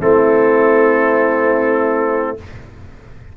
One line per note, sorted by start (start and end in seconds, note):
0.00 2.35 A3
0.00 2.37 C4
0.00 2.37 E4
0.00 2.37 A4